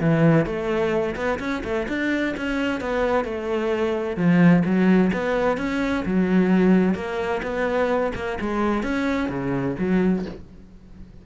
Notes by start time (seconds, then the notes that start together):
0.00 E3
0.45 A3
1.15 B3
1.39 C#4
1.64 A3
1.88 D4
2.37 C#4
2.80 B3
3.25 A3
4.16 F3
4.65 F#3
5.12 B3
5.57 C#4
6.05 F#3
6.95 A#3
7.42 B3
8.15 A#3
8.40 G#3
8.83 C#4
9.29 C#3
9.78 F#3